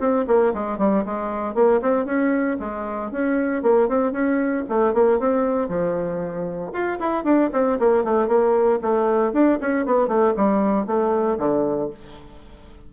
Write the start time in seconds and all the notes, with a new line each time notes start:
0.00 C4
0.28 A#3
0.54 G#3
0.79 G3
1.06 G#3
1.55 A#3
1.82 C4
2.06 C#4
2.60 G#3
3.12 C#4
3.63 A#3
3.89 C4
4.13 C#4
4.69 A3
4.94 A#3
5.20 C4
5.69 F3
6.74 F4
7.00 E4
7.25 D4
7.54 C4
7.80 A#3
8.05 A3
8.29 A#3
8.82 A3
9.34 D4
9.61 C#4
9.86 B3
10.08 A3
10.37 G3
10.87 A3
11.39 D3